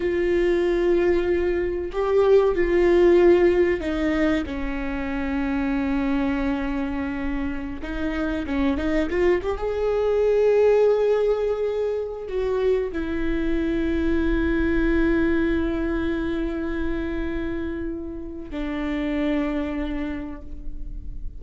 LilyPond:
\new Staff \with { instrumentName = "viola" } { \time 4/4 \tempo 4 = 94 f'2. g'4 | f'2 dis'4 cis'4~ | cis'1~ | cis'16 dis'4 cis'8 dis'8 f'8 g'16 gis'4~ |
gis'2.~ gis'16 fis'8.~ | fis'16 e'2.~ e'8.~ | e'1~ | e'4 d'2. | }